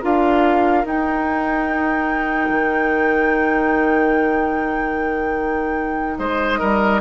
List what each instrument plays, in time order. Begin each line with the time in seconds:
0.00 bassoon D4, clarinet F4, oboe A#4, flute F5
0.85 bassoon D#4, clarinet D#4, flute G5
2.49 bassoon D#3
6.18 bassoon G#3, oboe C5, flute D#5
6.59 bassoon G3, oboe A#4